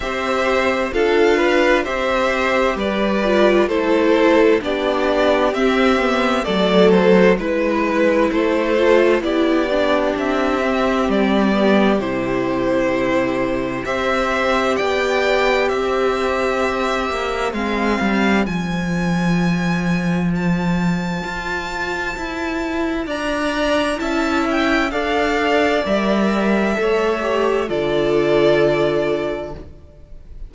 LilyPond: <<
  \new Staff \with { instrumentName = "violin" } { \time 4/4 \tempo 4 = 65 e''4 f''4 e''4 d''4 | c''4 d''4 e''4 d''8 c''8 | b'4 c''4 d''4 e''4 | d''4 c''2 e''4 |
g''4 e''2 f''4 | gis''2 a''2~ | a''4 ais''4 a''8 g''8 f''4 | e''2 d''2 | }
  \new Staff \with { instrumentName = "violin" } { \time 4/4 c''4 a'8 b'8 c''4 b'4 | a'4 g'2 a'4 | b'4 a'4 g'2~ | g'2. c''4 |
d''4 c''2.~ | c''1~ | c''4 d''4 e''4 d''4~ | d''4 cis''4 a'2 | }
  \new Staff \with { instrumentName = "viola" } { \time 4/4 g'4 f'4 g'4. f'8 | e'4 d'4 c'8 b8 a4 | e'4. f'8 e'8 d'4 c'8~ | c'8 b8 e'2 g'4~ |
g'2. c'4 | f'1~ | f'2 e'4 a'4 | ais'4 a'8 g'8 f'2 | }
  \new Staff \with { instrumentName = "cello" } { \time 4/4 c'4 d'4 c'4 g4 | a4 b4 c'4 fis4 | gis4 a4 b4 c'4 | g4 c2 c'4 |
b4 c'4. ais8 gis8 g8 | f2. f'4 | e'4 d'4 cis'4 d'4 | g4 a4 d2 | }
>>